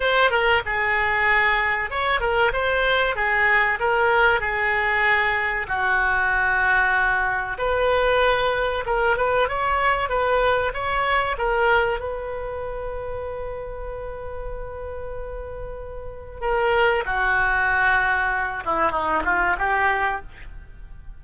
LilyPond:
\new Staff \with { instrumentName = "oboe" } { \time 4/4 \tempo 4 = 95 c''8 ais'8 gis'2 cis''8 ais'8 | c''4 gis'4 ais'4 gis'4~ | gis'4 fis'2. | b'2 ais'8 b'8 cis''4 |
b'4 cis''4 ais'4 b'4~ | b'1~ | b'2 ais'4 fis'4~ | fis'4. e'8 dis'8 f'8 g'4 | }